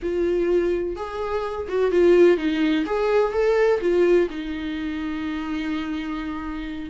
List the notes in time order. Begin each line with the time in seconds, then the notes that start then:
0.02 F4
0.96 G#4
1.68 F#4
1.91 F4
2.37 D#4
2.85 G#4
3.32 A4
3.81 F4
4.30 D#4